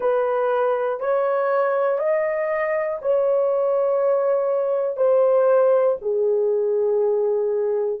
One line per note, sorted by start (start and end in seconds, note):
0.00 1.00 B4
1.00 1.98 C#5
1.98 2.98 D#5
3.01 4.96 C#5
4.96 5.96 C5
6.01 8.00 G#4